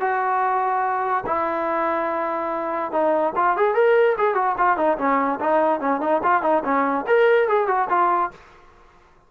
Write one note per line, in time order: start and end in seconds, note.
0.00 1.24 F#4
1.26 2.92 E4
2.92 3.33 D#4
3.36 3.56 F4
3.57 3.74 G#4
3.74 4.16 A#4
4.18 4.34 G#4
4.34 4.55 F#4
4.58 4.77 F4
4.77 4.97 D#4
4.98 5.39 C#4
5.40 5.80 D#4
5.80 6.01 C#4
6.01 6.21 D#4
6.23 6.42 F4
6.42 6.63 D#4
6.64 7.05 C#4
7.07 7.48 A#4
7.48 7.67 G#4
7.67 7.88 F#4
7.89 8.31 F4